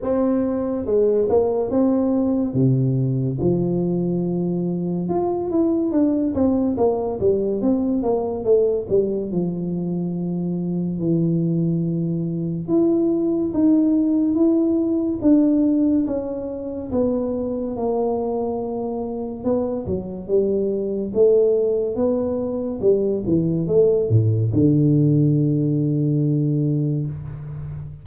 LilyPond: \new Staff \with { instrumentName = "tuba" } { \time 4/4 \tempo 4 = 71 c'4 gis8 ais8 c'4 c4 | f2 f'8 e'8 d'8 c'8 | ais8 g8 c'8 ais8 a8 g8 f4~ | f4 e2 e'4 |
dis'4 e'4 d'4 cis'4 | b4 ais2 b8 fis8 | g4 a4 b4 g8 e8 | a8 a,8 d2. | }